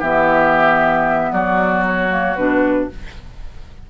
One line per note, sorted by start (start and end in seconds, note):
0.00 1.32 E3
0.00 2.10 B3
0.00 1.30 G4
0.00 1.33 E5
1.33 2.37 F#3
1.33 2.90 F#4
1.33 1.85 D5
1.87 2.36 C#5
2.10 2.36 A#3
2.36 2.89 B2
2.36 2.91 D4
2.36 2.88 B4